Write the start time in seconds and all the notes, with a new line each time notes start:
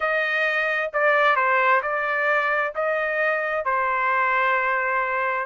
0.00 D#5
0.93 D5
1.36 C5
1.82 D5
2.75 D#5
3.64 C5